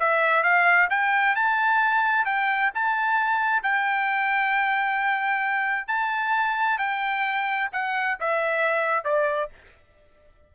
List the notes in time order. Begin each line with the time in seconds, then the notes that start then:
0.00 E5
0.43 F5
0.90 G5
1.36 A5
2.26 G5
2.75 A5
3.63 G5
5.88 A5
6.79 G5
7.73 F#5
8.20 E5
9.05 D5